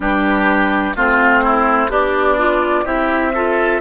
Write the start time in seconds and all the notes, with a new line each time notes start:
0.00 G3 D4 G4 B4
0.95 A3 C4 F4 C5
1.43 E4
1.88 B3 D4 G4 D5
2.37 F4
2.84 C4 E4 G4 E5
3.34 F4 A4